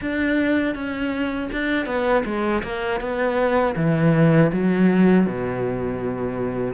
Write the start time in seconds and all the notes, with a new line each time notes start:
0.01 D4
0.74 C#4
1.52 D4
1.86 B3
2.25 G#3
2.63 A#3
3.00 B3
3.76 E3
4.52 F#3
5.26 B2